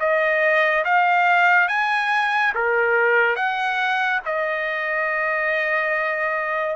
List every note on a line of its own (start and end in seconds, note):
0.00 0.85 D#5
0.85 1.69 F5
1.69 2.53 G#5
2.55 3.36 A#4
3.36 4.20 F#5
4.26 6.76 D#5